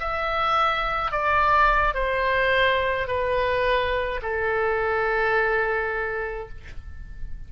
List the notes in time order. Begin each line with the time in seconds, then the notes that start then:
0.00 E5
1.12 D5
1.95 C5
3.08 B4
4.22 A4